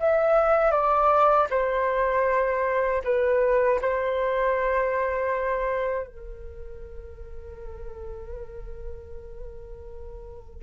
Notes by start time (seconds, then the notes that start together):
0.00 E5
0.71 D5
1.50 C5
3.04 B4
3.81 C5
6.07 A#4